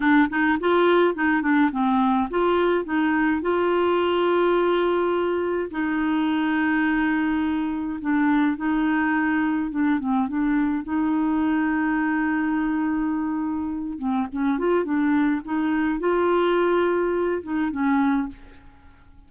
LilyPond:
\new Staff \with { instrumentName = "clarinet" } { \time 4/4 \tempo 4 = 105 d'8 dis'8 f'4 dis'8 d'8 c'4 | f'4 dis'4 f'2~ | f'2 dis'2~ | dis'2 d'4 dis'4~ |
dis'4 d'8 c'8 d'4 dis'4~ | dis'1~ | dis'8 c'8 cis'8 f'8 d'4 dis'4 | f'2~ f'8 dis'8 cis'4 | }